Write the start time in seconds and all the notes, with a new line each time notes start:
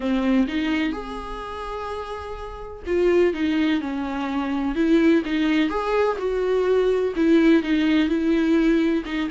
0.00 C4
0.47 D#4
0.92 G#4
2.86 F4
3.33 D#4
3.80 C#4
4.75 E4
5.25 D#4
5.69 G#4
6.18 F#4
7.16 E4
7.62 D#4
8.08 E4
9.05 D#4